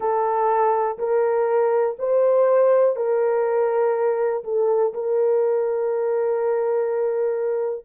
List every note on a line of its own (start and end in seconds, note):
0.00 0.97 A4
0.98 1.97 A#4
1.99 2.96 C5
2.96 4.43 A#4
4.44 4.93 A4
4.93 7.85 A#4